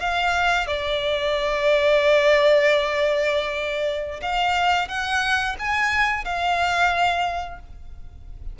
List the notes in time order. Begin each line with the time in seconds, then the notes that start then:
0.00 F5
0.67 D5
4.22 F5
4.88 F#5
5.59 G#5
6.25 F5